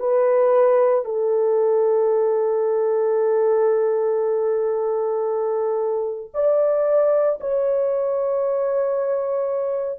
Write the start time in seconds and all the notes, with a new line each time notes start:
0.00 B4
1.05 A4
6.34 D5
7.41 C#5